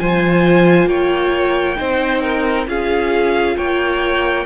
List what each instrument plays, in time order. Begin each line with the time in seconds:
0.00 cello F3, viola F4, violin C5 G#5
0.87 cello A#3, violin C#5 G5
1.76 cello C4, viola D#4, violin C5
2.22 violin A#4
2.67 cello C#4, viola F4, violin G#4 F5
3.57 cello A#3, violin C#5 G5